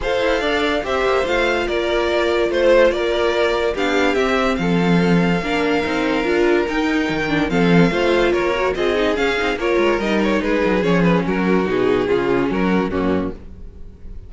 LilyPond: <<
  \new Staff \with { instrumentName = "violin" } { \time 4/4 \tempo 4 = 144 f''2 e''4 f''4 | d''2 c''4 d''4~ | d''4 f''4 e''4 f''4~ | f''1 |
g''2 f''2 | cis''4 dis''4 f''4 cis''4 | dis''8 cis''8 b'4 cis''8 b'8 ais'4 | gis'2 ais'4 fis'4 | }
  \new Staff \with { instrumentName = "violin" } { \time 4/4 c''4 d''4 c''2 | ais'2 c''4 ais'4~ | ais'4 g'2 a'4~ | a'4 ais'2.~ |
ais'2 a'4 c''4 | ais'4 gis'2 ais'4~ | ais'4 gis'2 fis'4~ | fis'4 f'4 fis'4 cis'4 | }
  \new Staff \with { instrumentName = "viola" } { \time 4/4 a'2 g'4 f'4~ | f'1~ | f'4 d'4 c'2~ | c'4 d'4 dis'4 f'4 |
dis'4. d'8 c'4 f'4~ | f'8 fis'8 f'8 dis'8 cis'8 dis'8 f'4 | dis'2 cis'2 | dis'4 cis'2 ais4 | }
  \new Staff \with { instrumentName = "cello" } { \time 4/4 f'8 e'8 d'4 c'8 ais8 a4 | ais2 a4 ais4~ | ais4 b4 c'4 f4~ | f4 ais4 c'4 d'4 |
dis'4 dis4 f4 a4 | ais4 c'4 cis'8 c'8 ais8 gis8 | g4 gis8 fis8 f4 fis4 | b,4 cis4 fis4 fis,4 | }
>>